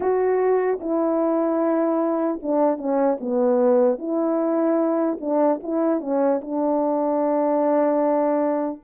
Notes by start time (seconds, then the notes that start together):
0.00 F#4
0.80 E4
2.42 D4
2.77 C#4
3.20 B3
3.98 E4
5.20 D4
5.63 E4
6.00 C#4
6.41 D4